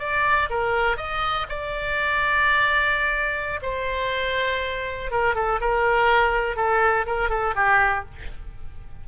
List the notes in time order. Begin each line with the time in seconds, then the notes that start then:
0.00 D5
0.50 A#4
0.97 D#5
1.50 D5
3.63 C5
5.11 A#4
5.36 A4
5.61 A#4
6.57 A4
7.07 A#4
7.30 A4
7.56 G4